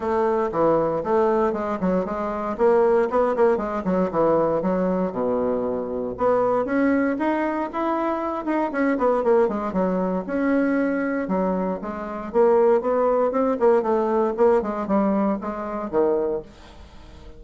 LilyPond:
\new Staff \with { instrumentName = "bassoon" } { \time 4/4 \tempo 4 = 117 a4 e4 a4 gis8 fis8 | gis4 ais4 b8 ais8 gis8 fis8 | e4 fis4 b,2 | b4 cis'4 dis'4 e'4~ |
e'8 dis'8 cis'8 b8 ais8 gis8 fis4 | cis'2 fis4 gis4 | ais4 b4 c'8 ais8 a4 | ais8 gis8 g4 gis4 dis4 | }